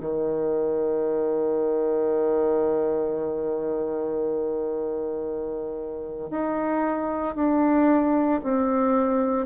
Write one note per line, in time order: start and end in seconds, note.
0.00 6.30 D#3
6.30 7.34 D#4
7.34 8.40 D4
8.43 9.46 C4